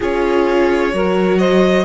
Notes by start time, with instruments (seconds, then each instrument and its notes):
0.00 cello C#4, viola F4, saxophone G#4, violin C#5
0.91 cello F#3, viola F#4, saxophone A#4
1.38 saxophone C5, violin D#5